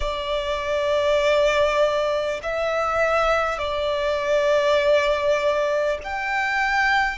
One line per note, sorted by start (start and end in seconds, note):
0.00 2.40 D5
2.42 3.58 E5
3.58 5.98 D5
6.03 7.18 G5